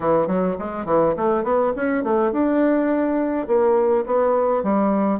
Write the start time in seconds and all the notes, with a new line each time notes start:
0.00 E3
0.27 F#3
0.58 G#3
0.85 E3
1.16 A3
1.43 B3
1.75 C#4
2.03 A3
2.32 D4
3.47 A#3
4.05 B3
4.63 G3